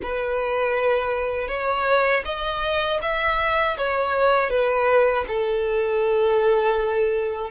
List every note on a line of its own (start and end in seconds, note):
0.02 1.48 B4
1.48 2.23 C#5
2.25 3.00 D#5
3.02 3.77 E5
3.77 4.50 C#5
4.50 5.25 B4
5.27 7.50 A4